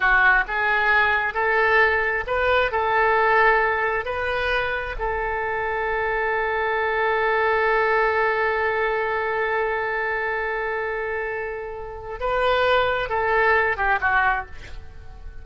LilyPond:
\new Staff \with { instrumentName = "oboe" } { \time 4/4 \tempo 4 = 133 fis'4 gis'2 a'4~ | a'4 b'4 a'2~ | a'4 b'2 a'4~ | a'1~ |
a'1~ | a'1~ | a'2. b'4~ | b'4 a'4. g'8 fis'4 | }